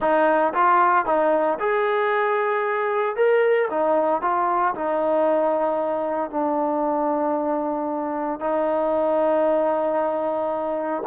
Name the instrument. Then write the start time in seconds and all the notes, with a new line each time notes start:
trombone
0.00 D#4
0.53 F4
1.05 D#4
1.59 G#4
3.16 A#4
3.70 D#4
4.21 F4
4.74 D#4
6.30 D4
8.39 D#4